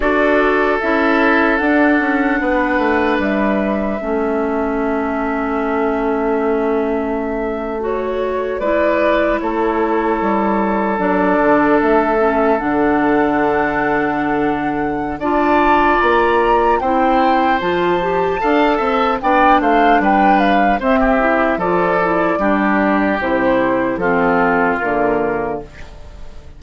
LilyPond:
<<
  \new Staff \with { instrumentName = "flute" } { \time 4/4 \tempo 4 = 75 d''4 e''4 fis''2 | e''1~ | e''4.~ e''16 cis''4 d''4 cis''16~ | cis''4.~ cis''16 d''4 e''4 fis''16~ |
fis''2. a''4 | ais''4 g''4 a''2 | g''8 f''8 g''8 f''8 e''4 d''4~ | d''4 c''4 a'4 ais'4 | }
  \new Staff \with { instrumentName = "oboe" } { \time 4/4 a'2. b'4~ | b'4 a'2.~ | a'2~ a'8. b'4 a'16~ | a'1~ |
a'2. d''4~ | d''4 c''2 f''8 e''8 | d''8 c''8 b'4 c''16 g'8. a'4 | g'2 f'2 | }
  \new Staff \with { instrumentName = "clarinet" } { \time 4/4 fis'4 e'4 d'2~ | d'4 cis'2.~ | cis'4.~ cis'16 fis'4 e'4~ e'16~ | e'4.~ e'16 d'4. cis'8 d'16~ |
d'2. f'4~ | f'4 e'4 f'8 g'8 a'4 | d'2 c'8 e'8 f'8 e'8 | d'4 e'4 c'4 ais4 | }
  \new Staff \with { instrumentName = "bassoon" } { \time 4/4 d'4 cis'4 d'8 cis'8 b8 a8 | g4 a2.~ | a2~ a8. gis4 a16~ | a8. g4 fis8 d8 a4 d16~ |
d2. d'4 | ais4 c'4 f4 d'8 c'8 | b8 a8 g4 c'4 f4 | g4 c4 f4 d4 | }
>>